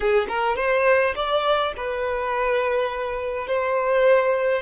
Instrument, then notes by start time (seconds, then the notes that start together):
violin
0.00 G#4
0.28 A#4
0.56 C5
1.15 D5
1.76 B4
3.47 C5